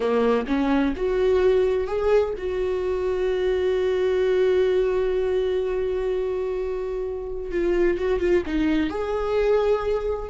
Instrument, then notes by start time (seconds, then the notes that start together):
viola
0.00 A#3
0.47 C#4
0.96 F#4
1.87 G#4
2.37 F#4
7.51 F4
7.98 F#4
8.20 F4
8.46 D#4
8.89 G#4